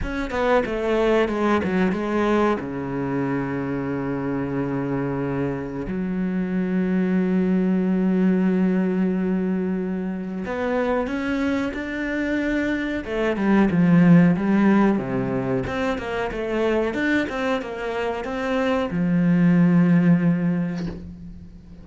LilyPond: \new Staff \with { instrumentName = "cello" } { \time 4/4 \tempo 4 = 92 cis'8 b8 a4 gis8 fis8 gis4 | cis1~ | cis4 fis2.~ | fis1 |
b4 cis'4 d'2 | a8 g8 f4 g4 c4 | c'8 ais8 a4 d'8 c'8 ais4 | c'4 f2. | }